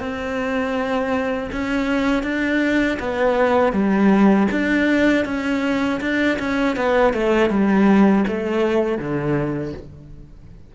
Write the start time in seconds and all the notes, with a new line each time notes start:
0.00 C4
1.52 C#4
2.23 D4
3.00 B3
3.73 G3
4.52 D4
5.25 C#4
6.01 D4
6.40 C#4
6.76 B3
7.14 A3
7.50 G3
8.28 A3
8.98 D3